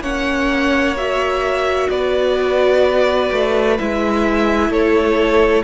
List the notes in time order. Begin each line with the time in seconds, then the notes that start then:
0.00 A#3 C#4 C#5 F#5
0.97 F#4 E5
1.90 B3 B4 D5
3.32 A3
3.79 G#3 E4 E5
4.70 A3 A4 C#5